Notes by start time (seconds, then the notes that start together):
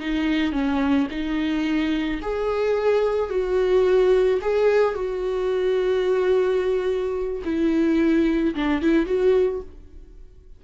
0.00 D#4
0.52 C#4
1.11 D#4
2.22 G#4
3.30 F#4
4.42 G#4
4.95 F#4
7.45 E4
8.55 D4
8.82 E4
9.06 F#4